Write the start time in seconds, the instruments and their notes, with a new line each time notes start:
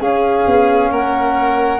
0.00 trombone C#4, tuba C#4, violin G#4, flute F5
0.46 tuba B3
0.90 tuba A#3, violin A#4, flute F#5